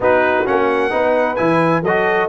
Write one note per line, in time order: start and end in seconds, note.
0.00 0.44 B3
0.00 0.45 D#4
0.00 0.91 F#4
0.00 0.46 B4
0.45 0.92 A#3
0.45 0.90 C#4
0.45 1.36 F#5
0.90 1.38 B3
0.90 1.36 D#4
0.90 1.82 B4
1.36 1.82 E3
1.36 1.82 E4
1.36 1.82 G#5
1.82 2.27 F#3
1.82 2.28 F#4
1.82 2.28 A4
1.82 2.28 D#5